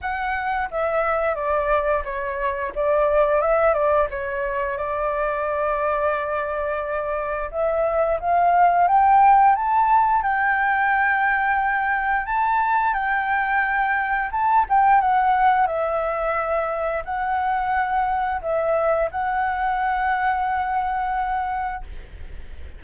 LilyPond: \new Staff \with { instrumentName = "flute" } { \time 4/4 \tempo 4 = 88 fis''4 e''4 d''4 cis''4 | d''4 e''8 d''8 cis''4 d''4~ | d''2. e''4 | f''4 g''4 a''4 g''4~ |
g''2 a''4 g''4~ | g''4 a''8 g''8 fis''4 e''4~ | e''4 fis''2 e''4 | fis''1 | }